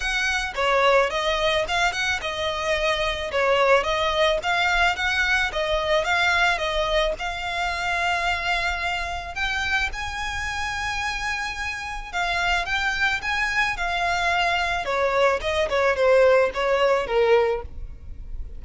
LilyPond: \new Staff \with { instrumentName = "violin" } { \time 4/4 \tempo 4 = 109 fis''4 cis''4 dis''4 f''8 fis''8 | dis''2 cis''4 dis''4 | f''4 fis''4 dis''4 f''4 | dis''4 f''2.~ |
f''4 g''4 gis''2~ | gis''2 f''4 g''4 | gis''4 f''2 cis''4 | dis''8 cis''8 c''4 cis''4 ais'4 | }